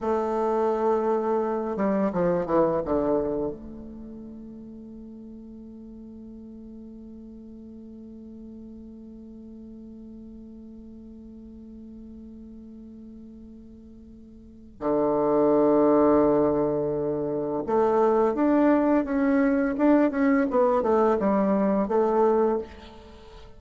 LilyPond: \new Staff \with { instrumentName = "bassoon" } { \time 4/4 \tempo 4 = 85 a2~ a8 g8 f8 e8 | d4 a2.~ | a1~ | a1~ |
a1~ | a4 d2.~ | d4 a4 d'4 cis'4 | d'8 cis'8 b8 a8 g4 a4 | }